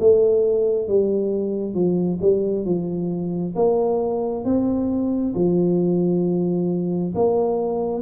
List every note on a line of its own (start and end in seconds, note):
0.00 0.88 A3
0.88 1.75 G3
1.75 2.19 F3
2.22 2.65 G3
2.65 3.55 F3
3.56 4.45 A#3
4.45 5.34 C4
5.35 7.14 F3
7.15 8.02 A#3